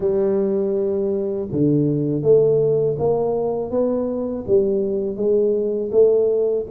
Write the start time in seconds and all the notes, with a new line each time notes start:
0.00 G3
1.51 D3
2.22 A3
2.98 A#3
3.70 B3
4.46 G3
5.16 G#3
5.91 A3